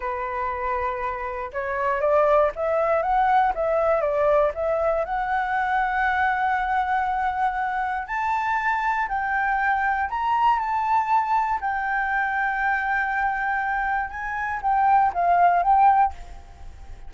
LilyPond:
\new Staff \with { instrumentName = "flute" } { \time 4/4 \tempo 4 = 119 b'2. cis''4 | d''4 e''4 fis''4 e''4 | d''4 e''4 fis''2~ | fis''1 |
a''2 g''2 | ais''4 a''2 g''4~ | g''1 | gis''4 g''4 f''4 g''4 | }